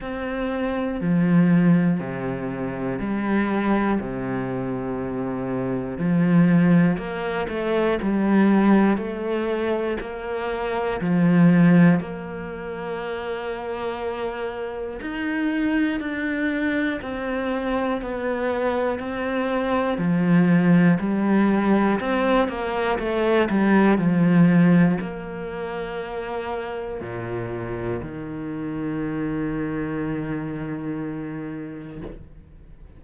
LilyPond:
\new Staff \with { instrumentName = "cello" } { \time 4/4 \tempo 4 = 60 c'4 f4 c4 g4 | c2 f4 ais8 a8 | g4 a4 ais4 f4 | ais2. dis'4 |
d'4 c'4 b4 c'4 | f4 g4 c'8 ais8 a8 g8 | f4 ais2 ais,4 | dis1 | }